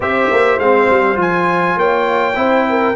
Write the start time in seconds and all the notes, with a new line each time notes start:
0.00 C4 G4 C5 E5
0.30 A#3
0.59 G#3 C4 F5
0.89 G3
1.15 F3 F4 G#5
1.75 A#3 C#5 G5
2.35 C4 E4 C5
2.69 A#4